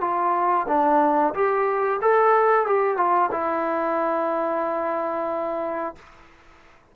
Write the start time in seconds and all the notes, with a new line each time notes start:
0.00 F4
0.67 D4
1.34 G4
2.01 A4
2.66 G4
2.97 F4
3.31 E4